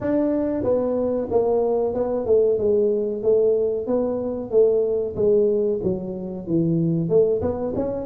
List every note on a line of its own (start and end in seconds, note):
0.01 0.63 D4
0.63 1.28 B3
1.30 1.94 A#3
1.94 2.26 B3
2.26 2.58 A3
2.58 3.22 G#3
3.22 3.86 A3
3.86 4.50 B3
4.50 5.15 A3
5.16 5.80 G#3
5.83 6.46 F#3
6.46 7.09 E3
7.09 7.41 A3
7.41 7.73 B3
7.75 8.06 C#4